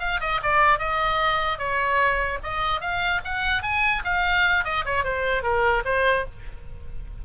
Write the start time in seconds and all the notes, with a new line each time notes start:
0.00 F5
0.21 D#5
0.43 D5
0.79 D#5
1.59 C#5
2.44 D#5
2.81 F5
3.25 F#5
3.63 G#5
4.05 F5
4.65 D#5
4.86 C#5
5.04 C5
5.43 A#4
5.85 C5